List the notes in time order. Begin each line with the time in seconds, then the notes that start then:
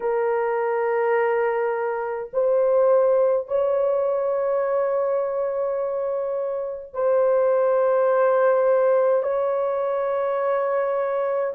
0.00 A#4
2.33 C5
3.47 C#5
6.93 C5
9.23 C#5